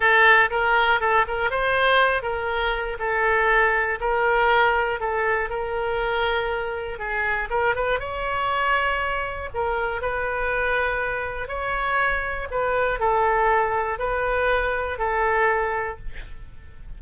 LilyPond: \new Staff \with { instrumentName = "oboe" } { \time 4/4 \tempo 4 = 120 a'4 ais'4 a'8 ais'8 c''4~ | c''8 ais'4. a'2 | ais'2 a'4 ais'4~ | ais'2 gis'4 ais'8 b'8 |
cis''2. ais'4 | b'2. cis''4~ | cis''4 b'4 a'2 | b'2 a'2 | }